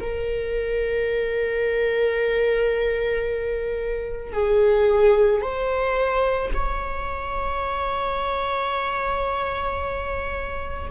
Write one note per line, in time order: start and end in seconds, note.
0.00 4.33 A#4
4.33 5.41 G#4
5.41 6.51 C5
6.54 10.90 C#5